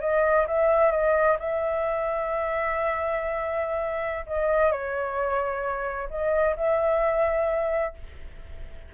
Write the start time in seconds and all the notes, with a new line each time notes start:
0.00 D#5
0.47 E5
0.91 D#5
1.39 E5
4.26 D#5
4.71 C#5
6.10 D#5
6.56 E5